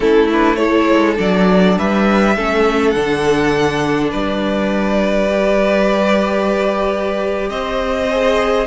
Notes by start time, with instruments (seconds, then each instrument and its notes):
0.00 cello A3, viola C#4, violin E4 A4
0.32 viola D4, violin B4
0.56 viola E4, violin A4 C#5
0.88 cello G#3
1.16 cello F#3, viola D4, violin D5
1.77 cello G3, violin B4 E5
2.36 cello A3, viola C#4, violin A4
2.90 cello D3, viola D4, violin F#5
4.10 cello G3, violin B4 D5
5.28 viola G4
7.49 cello C4, violin C5 D#5
8.11 viola G#4